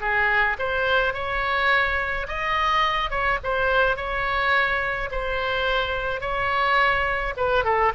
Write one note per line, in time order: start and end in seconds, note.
0.00 0.57 G#4
0.59 1.13 C5
1.13 2.27 C#5
2.28 3.10 D#5
3.10 3.38 C#5
3.43 3.96 C5
3.96 5.09 C#5
5.11 6.21 C5
6.21 7.34 C#5
7.37 7.64 B4
7.64 7.92 A4